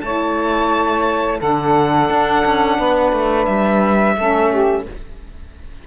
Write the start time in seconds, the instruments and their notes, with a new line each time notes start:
0.00 cello A3, saxophone E4 C#5, violin A5
1.38 cello D3, saxophone D4 A4, violin F#5
2.09 cello D4
2.45 cello C#4
2.77 cello B3, saxophone B4
3.12 cello A3
3.45 cello G3, violin E5
4.16 cello A3, saxophone C#4 A4
4.50 saxophone G4